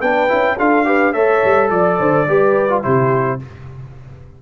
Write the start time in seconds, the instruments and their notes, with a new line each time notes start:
0.00 tuba B3, trombone D4, horn B4, trumpet G5
0.28 tuba C#4, trombone E4
0.58 tuba D4, trombone F4, horn A4, trumpet F5
0.84 trombone G4, horn B4
1.13 tuba A3, trombone A4, horn C#5, trumpet E5
1.44 tuba G3
1.70 tuba F3, trumpet D5, horn D5
1.99 tuba D3, horn C5
2.27 tuba G3, trombone G4, horn B4
2.69 trombone F4
2.82 tuba C3, trombone E4, horn G4, trumpet C5